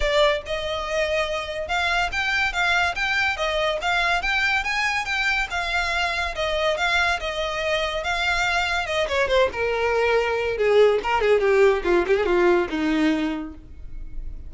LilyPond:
\new Staff \with { instrumentName = "violin" } { \time 4/4 \tempo 4 = 142 d''4 dis''2. | f''4 g''4 f''4 g''4 | dis''4 f''4 g''4 gis''4 | g''4 f''2 dis''4 |
f''4 dis''2 f''4~ | f''4 dis''8 cis''8 c''8 ais'4.~ | ais'4 gis'4 ais'8 gis'8 g'4 | f'8 g'16 gis'16 f'4 dis'2 | }